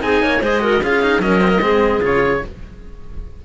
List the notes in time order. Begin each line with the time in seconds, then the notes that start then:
0.00 C4 D#4 G#4 G#5
0.23 A#3 C#5
0.41 G#3 G#4 C5 D#5
0.61 F#4 A#4
0.83 C#4 F4 G#4 F5
1.02 D#4
1.19 F#3 C#4 A#4 D#5
1.41 C4
1.49 A#3
1.60 G#3 C4 G#4
2.01 C#3 F4 C#5